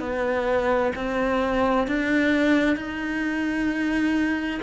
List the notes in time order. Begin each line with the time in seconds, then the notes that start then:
0.00 B3
0.96 C4
1.87 D4
2.76 D#4